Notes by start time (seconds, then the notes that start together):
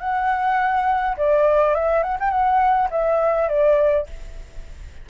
0.00 F#5
1.17 D5
1.75 E5
2.03 F#5
2.20 G5
2.30 F#5
2.91 E5
3.49 D5